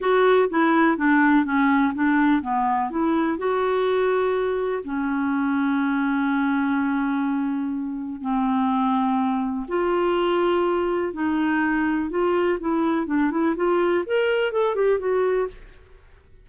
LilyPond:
\new Staff \with { instrumentName = "clarinet" } { \time 4/4 \tempo 4 = 124 fis'4 e'4 d'4 cis'4 | d'4 b4 e'4 fis'4~ | fis'2 cis'2~ | cis'1~ |
cis'4 c'2. | f'2. dis'4~ | dis'4 f'4 e'4 d'8 e'8 | f'4 ais'4 a'8 g'8 fis'4 | }